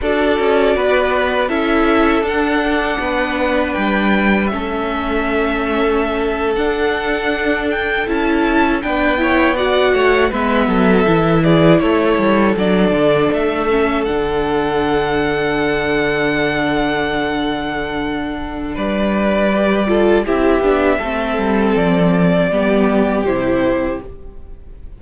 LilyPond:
<<
  \new Staff \with { instrumentName = "violin" } { \time 4/4 \tempo 4 = 80 d''2 e''4 fis''4~ | fis''4 g''4 e''2~ | e''8. fis''4. g''8 a''4 g''16~ | g''8. fis''4 e''4. d''8 cis''16~ |
cis''8. d''4 e''4 fis''4~ fis''16~ | fis''1~ | fis''4 d''2 e''4~ | e''4 d''2 c''4 | }
  \new Staff \with { instrumentName = "violin" } { \time 4/4 a'4 b'4 a'2 | b'2 a'2~ | a'2.~ a'8. b'16~ | b'16 cis''8 d''8 cis''8 b'8 a'4 gis'8 a'16~ |
a'1~ | a'1~ | a'4 b'4. a'8 g'4 | a'2 g'2 | }
  \new Staff \with { instrumentName = "viola" } { \time 4/4 fis'2 e'4 d'4~ | d'2 cis'2~ | cis'8. d'2 e'4 d'16~ | d'16 e'8 fis'4 b4 e'4~ e'16~ |
e'8. d'4. cis'8 d'4~ d'16~ | d'1~ | d'2 g'8 f'8 e'8 d'8 | c'2 b4 e'4 | }
  \new Staff \with { instrumentName = "cello" } { \time 4/4 d'8 cis'8 b4 cis'4 d'4 | b4 g4 a2~ | a8. d'2 cis'4 b16~ | b4~ b16 a8 gis8 fis8 e4 a16~ |
a16 g8 fis8 d8 a4 d4~ d16~ | d1~ | d4 g2 c'8 b8 | a8 g8 f4 g4 c4 | }
>>